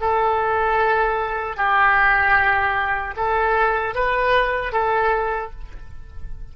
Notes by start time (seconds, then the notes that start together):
0.00 A4
1.56 G4
3.16 A4
3.94 B4
4.72 A4